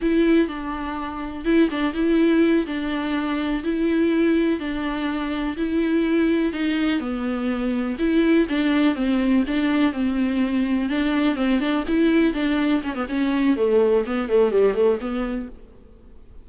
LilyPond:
\new Staff \with { instrumentName = "viola" } { \time 4/4 \tempo 4 = 124 e'4 d'2 e'8 d'8 | e'4. d'2 e'8~ | e'4. d'2 e'8~ | e'4. dis'4 b4.~ |
b8 e'4 d'4 c'4 d'8~ | d'8 c'2 d'4 c'8 | d'8 e'4 d'4 cis'16 b16 cis'4 | a4 b8 a8 g8 a8 b4 | }